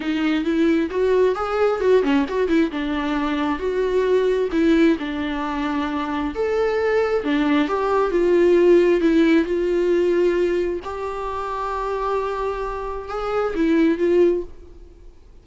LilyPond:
\new Staff \with { instrumentName = "viola" } { \time 4/4 \tempo 4 = 133 dis'4 e'4 fis'4 gis'4 | fis'8 cis'8 fis'8 e'8 d'2 | fis'2 e'4 d'4~ | d'2 a'2 |
d'4 g'4 f'2 | e'4 f'2. | g'1~ | g'4 gis'4 e'4 f'4 | }